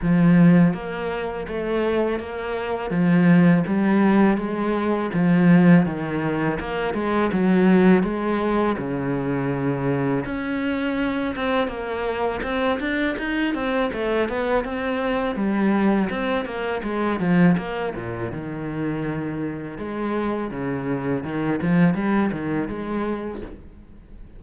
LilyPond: \new Staff \with { instrumentName = "cello" } { \time 4/4 \tempo 4 = 82 f4 ais4 a4 ais4 | f4 g4 gis4 f4 | dis4 ais8 gis8 fis4 gis4 | cis2 cis'4. c'8 |
ais4 c'8 d'8 dis'8 c'8 a8 b8 | c'4 g4 c'8 ais8 gis8 f8 | ais8 ais,8 dis2 gis4 | cis4 dis8 f8 g8 dis8 gis4 | }